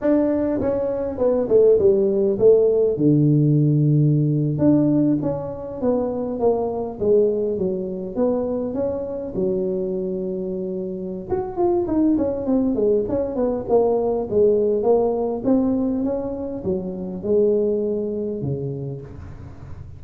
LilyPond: \new Staff \with { instrumentName = "tuba" } { \time 4/4 \tempo 4 = 101 d'4 cis'4 b8 a8 g4 | a4 d2~ d8. d'16~ | d'8. cis'4 b4 ais4 gis16~ | gis8. fis4 b4 cis'4 fis16~ |
fis2. fis'8 f'8 | dis'8 cis'8 c'8 gis8 cis'8 b8 ais4 | gis4 ais4 c'4 cis'4 | fis4 gis2 cis4 | }